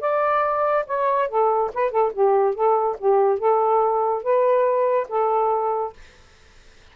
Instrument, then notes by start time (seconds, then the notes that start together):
saxophone
0.00 D5
0.86 C#5
1.28 A4
1.73 B4
1.91 A4
2.13 G4
2.54 A4
2.98 G4
3.38 A4
4.23 B4
5.08 A4